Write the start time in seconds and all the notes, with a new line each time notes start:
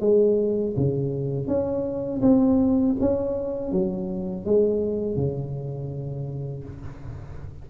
0.00 G#3
0.76 C#3
1.47 C#4
2.22 C4
3.00 C#4
3.71 F#3
4.45 G#3
5.15 C#3